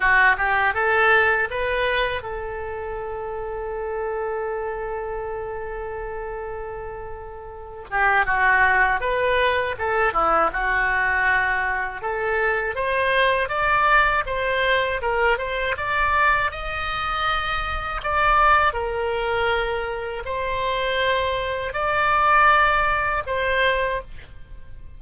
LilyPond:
\new Staff \with { instrumentName = "oboe" } { \time 4/4 \tempo 4 = 80 fis'8 g'8 a'4 b'4 a'4~ | a'1~ | a'2~ a'8 g'8 fis'4 | b'4 a'8 e'8 fis'2 |
a'4 c''4 d''4 c''4 | ais'8 c''8 d''4 dis''2 | d''4 ais'2 c''4~ | c''4 d''2 c''4 | }